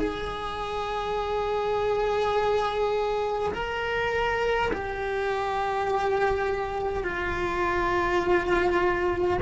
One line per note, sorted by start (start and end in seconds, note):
0.00 3.53 G#4
3.54 4.72 A#4
4.73 7.04 G4
7.04 9.39 F4